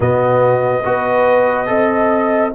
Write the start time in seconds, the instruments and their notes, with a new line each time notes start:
0.00 tuba B2, trombone B3, horn F#4, trumpet D#5
0.83 tuba B3, trombone F#4, horn B4
1.67 tuba C4, trombone A4, horn D#5